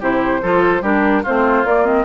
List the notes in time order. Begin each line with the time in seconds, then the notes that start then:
0.00 C3 E4 G4 C5
0.42 F3 F4 A4
0.82 G3 D4 G4 A#4
1.23 A3 C4 F4 C5
1.65 A#3 D5
1.85 C4 D#5